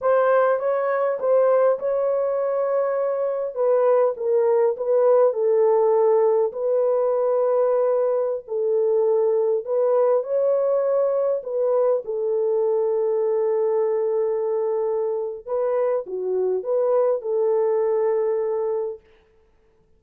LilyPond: \new Staff \with { instrumentName = "horn" } { \time 4/4 \tempo 4 = 101 c''4 cis''4 c''4 cis''4~ | cis''2 b'4 ais'4 | b'4 a'2 b'4~ | b'2~ b'16 a'4.~ a'16~ |
a'16 b'4 cis''2 b'8.~ | b'16 a'2.~ a'8.~ | a'2 b'4 fis'4 | b'4 a'2. | }